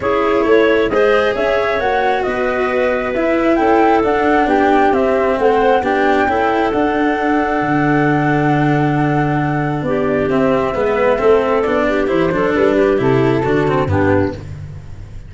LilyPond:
<<
  \new Staff \with { instrumentName = "flute" } { \time 4/4 \tempo 4 = 134 cis''2 dis''4 e''4 | fis''4 dis''2 e''4 | g''4 fis''4 g''4 e''4 | fis''4 g''2 fis''4~ |
fis''1~ | fis''2 d''4 e''4~ | e''2 d''4 c''4 | b'4 a'2 g'4 | }
  \new Staff \with { instrumentName = "clarinet" } { \time 4/4 gis'4 cis''4 c''4 cis''4~ | cis''4 b'2. | a'2 g'2 | c''4 g'4 a'2~ |
a'1~ | a'2 g'2 | b'4 a'4. g'4 a'8~ | a'8 g'4. fis'4 d'4 | }
  \new Staff \with { instrumentName = "cello" } { \time 4/4 e'2 gis'2 | fis'2. e'4~ | e'4 d'2 c'4~ | c'4 d'4 e'4 d'4~ |
d'1~ | d'2. c'4 | b4 c'4 d'4 e'8 d'8~ | d'4 e'4 d'8 c'8 b4 | }
  \new Staff \with { instrumentName = "tuba" } { \time 4/4 cis'4 a4 gis4 cis'4 | ais4 b2 e'4 | cis'4 d'4 b4 c'4 | a4 b4 cis'4 d'4~ |
d'4 d2.~ | d2 b4 c'4 | gis4 a4 b4 e8 fis8 | g4 c4 d4 g,4 | }
>>